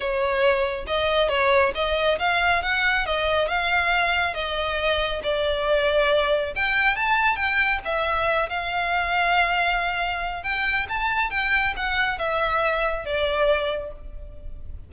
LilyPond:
\new Staff \with { instrumentName = "violin" } { \time 4/4 \tempo 4 = 138 cis''2 dis''4 cis''4 | dis''4 f''4 fis''4 dis''4 | f''2 dis''2 | d''2. g''4 |
a''4 g''4 e''4. f''8~ | f''1 | g''4 a''4 g''4 fis''4 | e''2 d''2 | }